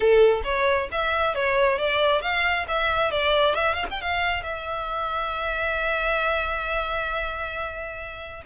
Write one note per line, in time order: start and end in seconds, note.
0.00 0.41 A4
0.44 0.88 C#5
0.91 1.35 E5
1.35 1.78 C#5
1.78 2.21 D5
2.21 2.66 F5
2.68 3.11 E5
3.11 3.54 D5
3.54 3.74 E5
3.74 3.85 F5
3.90 4.01 G5
4.01 4.43 F5
4.43 8.43 E5